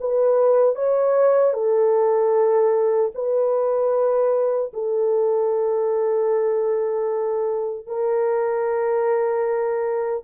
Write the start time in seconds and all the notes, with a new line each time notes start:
0.00 B4
0.75 C#5
1.53 A4
3.14 B4
4.73 A4
7.87 A#4